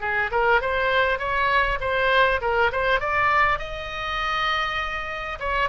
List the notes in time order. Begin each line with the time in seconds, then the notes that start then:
0.00 G#4
0.31 A#4
0.61 C5
1.18 C#5
1.80 C5
2.41 A#4
2.72 C5
3.00 D5
3.58 D#5
5.39 C#5